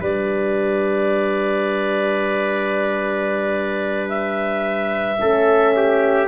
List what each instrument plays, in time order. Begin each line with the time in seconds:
0.00 tuba G3, horn D4, trumpet B4, clarinet D5
4.09 clarinet E5
5.18 tuba A3, horn C#4, trumpet A4
5.76 trumpet G4